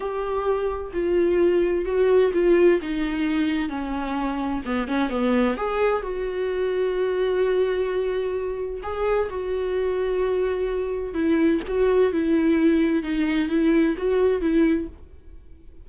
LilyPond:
\new Staff \with { instrumentName = "viola" } { \time 4/4 \tempo 4 = 129 g'2 f'2 | fis'4 f'4 dis'2 | cis'2 b8 cis'8 b4 | gis'4 fis'2.~ |
fis'2. gis'4 | fis'1 | e'4 fis'4 e'2 | dis'4 e'4 fis'4 e'4 | }